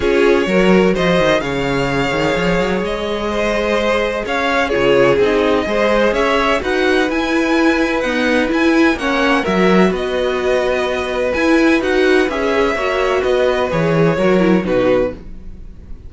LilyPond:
<<
  \new Staff \with { instrumentName = "violin" } { \time 4/4 \tempo 4 = 127 cis''2 dis''4 f''4~ | f''2 dis''2~ | dis''4 f''4 cis''4 dis''4~ | dis''4 e''4 fis''4 gis''4~ |
gis''4 fis''4 gis''4 fis''4 | e''4 dis''2. | gis''4 fis''4 e''2 | dis''4 cis''2 b'4 | }
  \new Staff \with { instrumentName = "violin" } { \time 4/4 gis'4 ais'4 c''4 cis''4~ | cis''2. c''4~ | c''4 cis''4 gis'2 | c''4 cis''4 b'2~ |
b'2. cis''4 | ais'4 b'2.~ | b'2. cis''4 | b'2 ais'4 fis'4 | }
  \new Staff \with { instrumentName = "viola" } { \time 4/4 f'4 fis'2 gis'4~ | gis'1~ | gis'2 f'4 dis'4 | gis'2 fis'4 e'4~ |
e'4 b4 e'4 cis'4 | fis'1 | e'4 fis'4 gis'4 fis'4~ | fis'4 gis'4 fis'8 e'8 dis'4 | }
  \new Staff \with { instrumentName = "cello" } { \time 4/4 cis'4 fis4 f8 dis8 cis4~ | cis8 dis8 f8 fis8 gis2~ | gis4 cis'4 cis4 c'4 | gis4 cis'4 dis'4 e'4~ |
e'4 dis'4 e'4 ais4 | fis4 b2. | e'4 dis'4 cis'4 ais4 | b4 e4 fis4 b,4 | }
>>